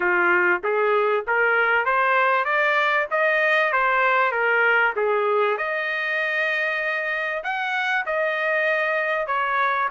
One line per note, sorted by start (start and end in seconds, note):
0.00 0.62 F4
0.63 1.25 G#4
1.27 1.85 A#4
1.85 2.44 C5
2.44 3.06 D5
3.10 3.72 D#5
3.72 4.31 C5
4.31 4.93 A#4
4.96 5.57 G#4
5.57 7.43 D#5
7.43 8.05 F#5
8.06 9.26 D#5
9.26 9.88 C#5